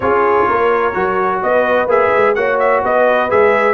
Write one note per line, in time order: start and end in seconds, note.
0.00 0.43 C#4
0.00 0.93 F4
0.00 0.47 G#4
0.00 1.41 C#5
0.47 0.95 A#3
0.47 1.42 A#4
0.93 1.42 F#3
0.93 1.88 F#4
1.42 1.86 B3
1.42 2.36 B4
1.42 1.89 D#5
1.86 2.10 A#3
1.86 2.35 G#4
1.86 2.34 E5
2.16 2.35 G#3
2.34 2.83 A#3
2.34 3.29 F#4
2.34 2.82 C#5
2.34 2.58 F#5
2.59 2.82 E5
2.82 3.31 B3
2.82 3.73 B4
2.82 3.30 D#5
3.29 3.73 G#3
3.29 3.73 G#4
3.29 3.73 E5